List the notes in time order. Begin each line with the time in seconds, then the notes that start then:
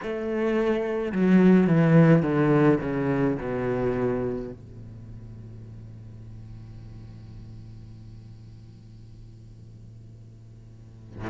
0.03 A3
1.12 F#3
1.67 E3
2.22 D3
2.80 C#3
3.39 B2
4.51 A2